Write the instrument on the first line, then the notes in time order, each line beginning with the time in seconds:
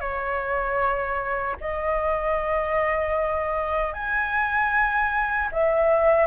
flute
0.00 C#5
1.60 D#5
3.93 G#5
5.52 E5